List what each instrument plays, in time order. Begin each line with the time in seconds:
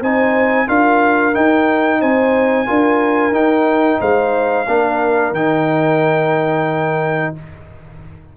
0.00 tuba C4, trombone D#4, horn C5, trumpet G#5
0.67 tuba D4, trombone F4, horn A#4, trumpet F5
1.33 trombone D#4, tuba D#4, trumpet G5
1.99 tuba C4, horn C5, trumpet G#5
2.66 tuba D4, trombone F4, horn A#4
3.31 tuba D#4, trombone D#4, trumpet G5
3.99 tuba G#3, horn C5, trumpet F5
4.67 tuba A#3, trombone D4, horn A#4
5.32 tuba D#3, trombone D#4, trumpet G5